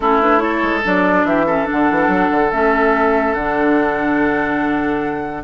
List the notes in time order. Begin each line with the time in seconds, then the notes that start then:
0.00 A3 C#4 E4 A4
0.21 D4 B4
0.38 E4 A4 C#5
0.62 G#3
0.84 F#3 D4 D5
1.24 E3 G4 E5
1.46 C#4 A4
1.65 D4 F#5
1.72 D3
1.90 E3
2.08 F#3
2.30 D3
2.51 A3 C#4 E5
3.33 D3 D4 F#5